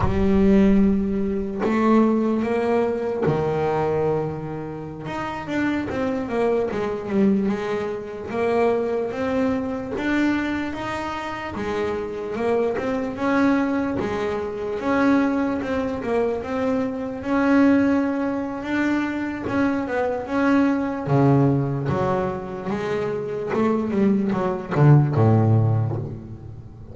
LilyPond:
\new Staff \with { instrumentName = "double bass" } { \time 4/4 \tempo 4 = 74 g2 a4 ais4 | dis2~ dis16 dis'8 d'8 c'8 ais16~ | ais16 gis8 g8 gis4 ais4 c'8.~ | c'16 d'4 dis'4 gis4 ais8 c'16~ |
c'16 cis'4 gis4 cis'4 c'8 ais16~ | ais16 c'4 cis'4.~ cis'16 d'4 | cis'8 b8 cis'4 cis4 fis4 | gis4 a8 g8 fis8 d8 a,4 | }